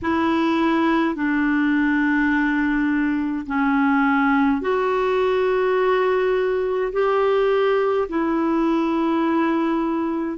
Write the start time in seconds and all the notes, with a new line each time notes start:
0.02 E4
1.15 D4
3.46 C#4
4.61 F#4
6.92 G4
8.08 E4